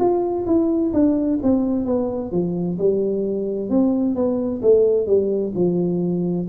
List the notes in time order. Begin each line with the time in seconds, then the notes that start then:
0.00 F4
0.47 E4
0.94 D4
1.43 C4
1.86 B3
2.32 F3
2.79 G3
3.70 C4
4.15 B3
4.62 A3
5.07 G3
5.56 F3